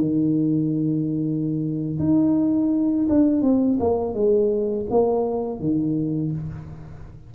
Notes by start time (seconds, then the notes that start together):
0.00 D#3
1.99 D#4
3.09 D4
3.42 C4
3.80 A#3
4.14 G#3
4.90 A#3
5.60 D#3